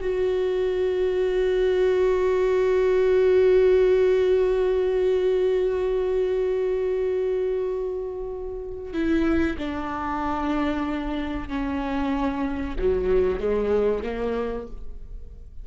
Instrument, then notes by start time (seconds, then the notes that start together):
viola
0.00 F#4
8.93 E4
9.58 D4
11.48 C#4
12.78 F#3
13.39 G#3
14.03 A#3